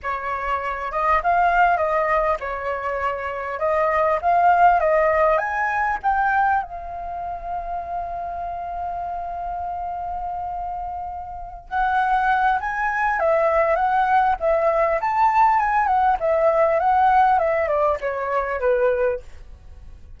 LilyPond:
\new Staff \with { instrumentName = "flute" } { \time 4/4 \tempo 4 = 100 cis''4. dis''8 f''4 dis''4 | cis''2 dis''4 f''4 | dis''4 gis''4 g''4 f''4~ | f''1~ |
f''2.~ f''8 fis''8~ | fis''4 gis''4 e''4 fis''4 | e''4 a''4 gis''8 fis''8 e''4 | fis''4 e''8 d''8 cis''4 b'4 | }